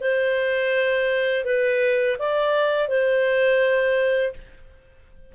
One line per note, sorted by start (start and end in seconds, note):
0.00 1.44 C5
1.44 2.17 B4
2.19 2.88 D5
2.88 4.33 C5